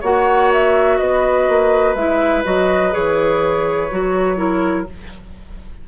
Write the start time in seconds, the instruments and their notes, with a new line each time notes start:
0.00 bassoon A#3, clarinet F#4, oboe C#5, flute F#5
0.52 flute E5
0.98 bassoon B3, oboe B4, flute D#5
1.48 bassoon A#3
1.94 bassoon G#3, clarinet E4, flute E5
2.44 bassoon F#3, clarinet F#4, flute D#5
2.92 bassoon E3, clarinet G#4, flute C#5
3.91 bassoon F#3, clarinet F#4
4.36 clarinet E4, oboe A#4